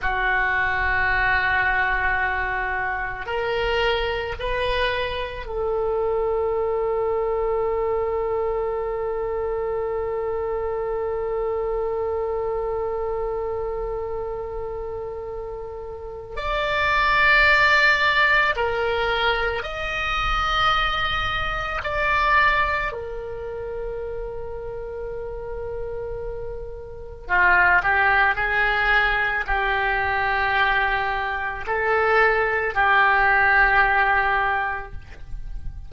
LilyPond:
\new Staff \with { instrumentName = "oboe" } { \time 4/4 \tempo 4 = 55 fis'2. ais'4 | b'4 a'2.~ | a'1~ | a'2. d''4~ |
d''4 ais'4 dis''2 | d''4 ais'2.~ | ais'4 f'8 g'8 gis'4 g'4~ | g'4 a'4 g'2 | }